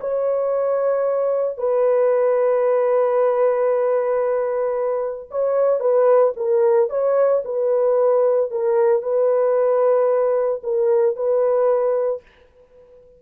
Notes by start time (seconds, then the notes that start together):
0.00 C#5
1.58 B4
5.30 C#5
5.80 B4
6.36 A#4
6.89 C#5
7.45 B4
8.51 A#4
9.02 B4
10.63 A#4
11.16 B4